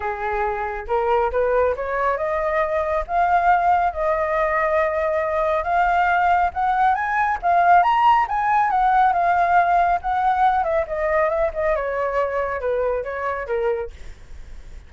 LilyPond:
\new Staff \with { instrumentName = "flute" } { \time 4/4 \tempo 4 = 138 gis'2 ais'4 b'4 | cis''4 dis''2 f''4~ | f''4 dis''2.~ | dis''4 f''2 fis''4 |
gis''4 f''4 ais''4 gis''4 | fis''4 f''2 fis''4~ | fis''8 e''8 dis''4 e''8 dis''8 cis''4~ | cis''4 b'4 cis''4 ais'4 | }